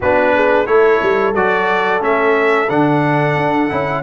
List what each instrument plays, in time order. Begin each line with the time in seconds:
0.00 tuba B3, trombone D4, horn F#4, trumpet B4
0.35 horn G#4
0.66 tuba A3, trombone E4, horn A4, trumpet C#5
1.02 tuba G3
1.34 tuba F#3, trombone F#4, trumpet D5
2.00 tuba A3, trombone C#4, trumpet E5
2.69 tuba D3, trombone D4, trumpet F#5
3.36 tuba D4
3.69 tuba C#4, trombone E4